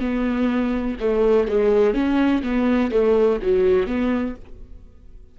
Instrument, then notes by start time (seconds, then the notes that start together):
viola
0.00 B3
1.00 A3
1.48 G#3
1.94 C#4
2.42 B3
2.91 A3
3.42 F#3
3.87 B3